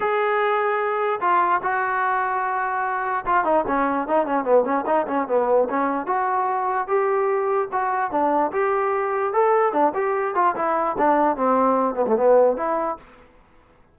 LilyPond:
\new Staff \with { instrumentName = "trombone" } { \time 4/4 \tempo 4 = 148 gis'2. f'4 | fis'1 | f'8 dis'8 cis'4 dis'8 cis'8 b8 cis'8 | dis'8 cis'8 b4 cis'4 fis'4~ |
fis'4 g'2 fis'4 | d'4 g'2 a'4 | d'8 g'4 f'8 e'4 d'4 | c'4. b16 a16 b4 e'4 | }